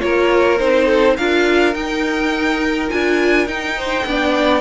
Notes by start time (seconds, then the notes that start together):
0.00 A#3 F4 A#4 C#5
0.59 C4 D#4 C5
0.86 A4
1.17 D4 F4 A#4 F5
1.74 D#4 G5
2.90 D4 F4 G#5
3.47 D#4 G5
3.78 C5
4.06 B3 D4 D5